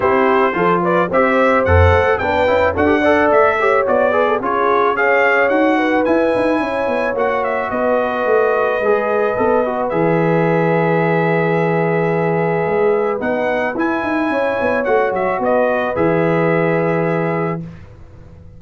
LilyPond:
<<
  \new Staff \with { instrumentName = "trumpet" } { \time 4/4 \tempo 4 = 109 c''4. d''8 e''4 fis''4 | g''4 fis''4 e''4 d''4 | cis''4 f''4 fis''4 gis''4~ | gis''4 fis''8 e''8 dis''2~ |
dis''2 e''2~ | e''1 | fis''4 gis''2 fis''8 e''8 | dis''4 e''2. | }
  \new Staff \with { instrumentName = "horn" } { \time 4/4 g'4 a'8 b'8 c''2 | b'4 a'8 d''4 cis''4 b'16 a'16 | gis'4 cis''4. b'4. | cis''2 b'2~ |
b'1~ | b'1~ | b'2 cis''2 | b'1 | }
  \new Staff \with { instrumentName = "trombone" } { \time 4/4 e'4 f'4 g'4 a'4 | d'8 e'8 fis'16 g'16 a'4 g'8 fis'8 gis'8 | f'4 gis'4 fis'4 e'4~ | e'4 fis'2. |
gis'4 a'8 fis'8 gis'2~ | gis'1 | dis'4 e'2 fis'4~ | fis'4 gis'2. | }
  \new Staff \with { instrumentName = "tuba" } { \time 4/4 c'4 f4 c'4 f,8 a8 | b8 cis'8 d'4 a4 b4 | cis'2 dis'4 e'8 dis'8 | cis'8 b8 ais4 b4 a4 |
gis4 b4 e2~ | e2. gis4 | b4 e'8 dis'8 cis'8 b8 a8 fis8 | b4 e2. | }
>>